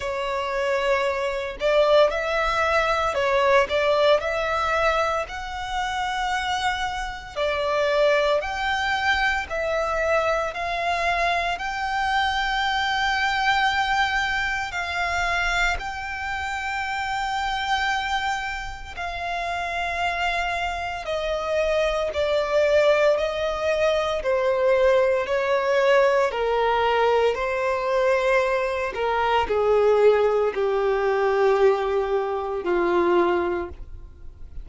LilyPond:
\new Staff \with { instrumentName = "violin" } { \time 4/4 \tempo 4 = 57 cis''4. d''8 e''4 cis''8 d''8 | e''4 fis''2 d''4 | g''4 e''4 f''4 g''4~ | g''2 f''4 g''4~ |
g''2 f''2 | dis''4 d''4 dis''4 c''4 | cis''4 ais'4 c''4. ais'8 | gis'4 g'2 f'4 | }